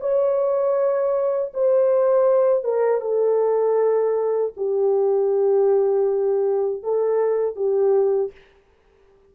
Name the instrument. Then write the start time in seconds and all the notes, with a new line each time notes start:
horn
0.00 C#5
1.53 C5
2.64 A#4
3.01 A4
4.56 G4
6.83 A4
7.55 G4